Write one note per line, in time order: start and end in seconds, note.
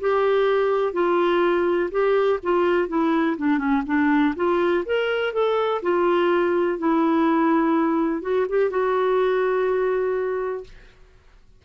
0.00 0.93 G4
0.93 1.90 F4
1.91 2.39 G4
2.43 2.88 F4
2.88 3.37 E4
3.37 3.58 D4
3.58 3.82 C#4
3.86 4.35 D4
4.36 4.84 F4
4.85 5.33 A#4
5.33 5.82 A4
5.82 6.78 F4
6.78 8.22 E4
8.22 8.46 F#4
8.49 8.70 G4
8.70 10.64 F#4